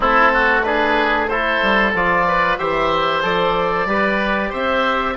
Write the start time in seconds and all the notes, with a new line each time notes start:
0.00 A3 C4 E4 A4
0.33 F#4
0.62 D4 G#4 B4
1.28 E4 A4 C5
1.62 G3
1.94 F3 F4 D5
2.27 B4
2.58 E3 G4 C5 E5
3.22 F3 A4 D5
3.85 G3 G4 B4
4.49 C4 C5 E5